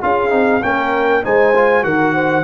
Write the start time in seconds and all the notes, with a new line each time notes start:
0.00 C#4 F4 G#4 F5
0.29 C4 D#4
0.62 A#3 C#4 A#4 G5
1.23 G#3 D#4 C5 G#5
1.55 F4
1.83 D#3 F#4 A#4 F#5
2.14 C5